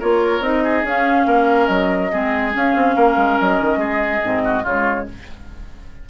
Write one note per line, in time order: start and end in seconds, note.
0.00 0.40 A#3
0.00 0.42 F4
0.00 0.63 A#4
0.00 0.43 C#5
0.40 0.82 C4
0.40 0.84 D#4
0.40 0.85 D#5
0.63 1.27 G#4
0.84 1.26 C#4
0.84 2.11 C#4
0.84 1.66 F5
1.26 1.68 A#3
1.26 2.12 A#4
1.66 2.11 F#3
1.66 2.51 D#5
2.11 2.55 G#3
2.11 2.52 C4
2.11 2.96 G#4
2.52 4.21 C#4
2.52 2.76 C#4
2.52 3.40 F5
2.76 2.96 C4
2.96 3.17 A#3
2.96 3.79 A#4
3.17 3.38 G#3
3.40 3.60 F#3
3.40 4.66 D#5
3.60 3.77 D#3
3.77 4.19 G#3
3.77 4.42 G#4
4.22 4.65 G#2
4.22 4.65 C4
4.44 4.63 F#4
4.63 5.07 C#3
4.63 5.09 G#3
4.63 5.05 F4
4.63 5.08 C#5